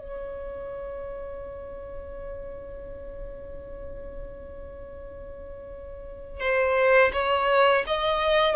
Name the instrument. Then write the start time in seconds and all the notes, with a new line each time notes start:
violin
0.00 C#5
6.41 C5
7.13 C#5
7.87 D#5